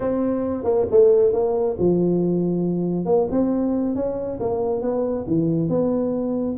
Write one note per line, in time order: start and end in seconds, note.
0.00 0.64 C4
0.64 0.86 A#3
0.91 1.33 A3
1.33 1.76 A#3
1.78 3.05 F3
3.05 3.27 A#3
3.30 3.95 C4
3.95 4.39 C#4
4.40 4.81 A#3
4.81 5.25 B3
5.27 5.69 E3
5.69 6.56 B3